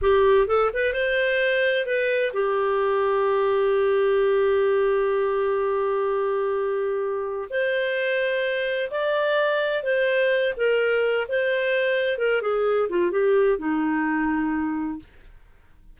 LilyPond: \new Staff \with { instrumentName = "clarinet" } { \time 4/4 \tempo 4 = 128 g'4 a'8 b'8 c''2 | b'4 g'2.~ | g'1~ | g'1 |
c''2. d''4~ | d''4 c''4. ais'4. | c''2 ais'8 gis'4 f'8 | g'4 dis'2. | }